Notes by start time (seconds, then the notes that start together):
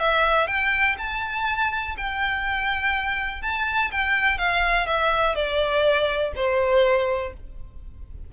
0.00 E5
0.47 G5
0.98 A5
1.98 G5
3.42 A5
3.91 G5
4.39 F5
4.87 E5
5.36 D5
6.36 C5